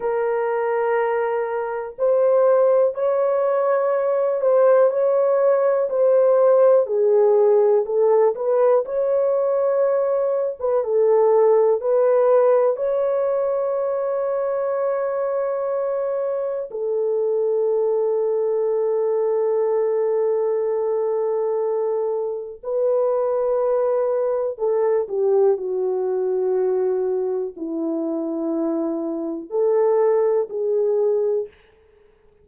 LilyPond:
\new Staff \with { instrumentName = "horn" } { \time 4/4 \tempo 4 = 61 ais'2 c''4 cis''4~ | cis''8 c''8 cis''4 c''4 gis'4 | a'8 b'8 cis''4.~ cis''16 b'16 a'4 | b'4 cis''2.~ |
cis''4 a'2.~ | a'2. b'4~ | b'4 a'8 g'8 fis'2 | e'2 a'4 gis'4 | }